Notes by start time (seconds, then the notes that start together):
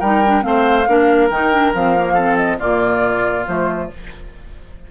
0.00 G3 D#4 A#4 G5
0.27 D4
0.42 A3 C4 C5 F5
0.88 A#3 D4 A#4
1.30 D#3 D#4 G5
1.52 D4
1.74 F3 C4 F5
1.96 A#3
2.14 C4 A4
2.37 D#5
2.59 A#2 A#3 F4 D5
3.47 F3 A3 C5